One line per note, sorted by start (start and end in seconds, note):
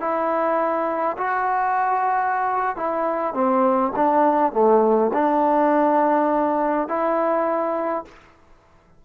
0.00 1.17 E4
1.17 2.76 F#4
2.76 3.34 E4
3.34 3.92 C4
3.96 4.53 D4
4.53 5.11 A3
5.13 6.88 D4
6.88 8.04 E4